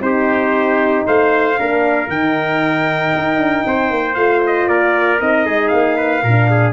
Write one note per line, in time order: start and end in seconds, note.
0.00 1.03 C4
0.00 1.56 D#4
0.00 1.07 G4
0.00 1.06 C5
1.07 1.59 A3
1.07 1.58 C5
1.07 2.10 F5
1.58 2.08 A#3
1.58 2.10 D4
1.58 3.66 A#4
2.08 3.12 D#3
2.08 4.16 D#4
2.08 4.15 G5
3.16 3.37 D#4
3.37 3.63 D4
3.66 3.90 C4
3.66 4.69 C5
3.90 4.16 A#3
4.15 4.68 A3
4.15 5.19 F4
4.15 4.41 F5
4.46 4.68 D#5
4.68 5.20 A#3
4.68 5.46 A#4
4.68 5.20 D5
5.19 5.46 C4
5.19 6.22 D#4
5.19 5.68 D#5
5.46 5.72 G#3
5.46 5.97 G#4
5.68 6.23 A#3
5.68 6.72 F5
5.97 6.22 B4
6.23 6.73 A#2
6.23 6.73 D4
6.23 6.49 A#4
6.50 6.73 G#4